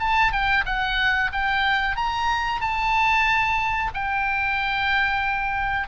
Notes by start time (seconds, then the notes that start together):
0.00 A5
0.32 G5
0.66 F#5
1.33 G5
1.97 A#5
2.61 A5
3.94 G5